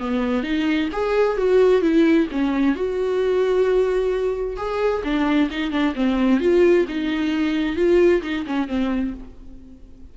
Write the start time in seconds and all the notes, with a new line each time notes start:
0.00 B3
0.44 D#4
0.93 G#4
1.37 F#4
1.82 E4
2.32 C#4
2.76 F#4
4.57 G#4
5.04 D4
5.51 D#4
5.72 D4
5.95 C4
6.40 F4
6.88 D#4
7.76 F4
8.23 D#4
8.46 C#4
8.68 C4